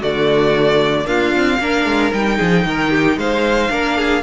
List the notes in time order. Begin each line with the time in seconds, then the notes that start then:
0.00 D3 A3 F#4 D5
1.05 A#3 D4 F4 F5
1.36 C4
1.59 A#3 D4 A#4
1.85 G#3
2.12 G3 D#4 G5
2.37 F3 G#4
2.64 D#3 A#4
2.90 G4
3.17 G#3 C5 F5
3.70 A#3 D4 A#4
3.97 G#4